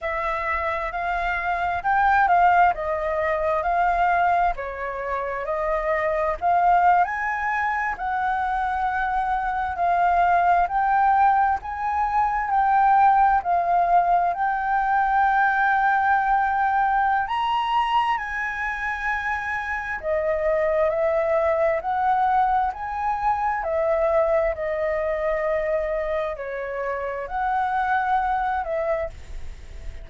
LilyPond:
\new Staff \with { instrumentName = "flute" } { \time 4/4 \tempo 4 = 66 e''4 f''4 g''8 f''8 dis''4 | f''4 cis''4 dis''4 f''8. gis''16~ | gis''8. fis''2 f''4 g''16~ | g''8. gis''4 g''4 f''4 g''16~ |
g''2. ais''4 | gis''2 dis''4 e''4 | fis''4 gis''4 e''4 dis''4~ | dis''4 cis''4 fis''4. e''8 | }